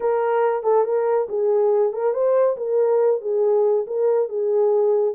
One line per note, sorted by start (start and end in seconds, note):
0.00 0.63 A#4
0.63 0.84 A4
0.84 1.27 A#4
1.28 1.92 G#4
1.92 2.13 A#4
2.13 2.56 C5
2.56 3.21 A#4
3.21 3.85 G#4
3.86 4.29 A#4
4.29 5.14 G#4